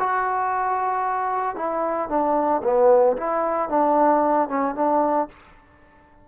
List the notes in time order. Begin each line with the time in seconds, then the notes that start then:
0.00 F#4
1.56 E4
2.09 D4
2.64 B3
3.18 E4
3.70 D4
4.49 C#4
4.75 D4